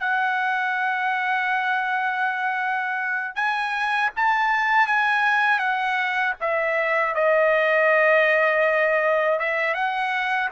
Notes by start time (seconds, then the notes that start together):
0.00 F#5
3.35 G#5
4.17 A5
4.87 G#5
5.59 F#5
6.41 E5
7.15 D#5
9.40 E5
9.75 F#5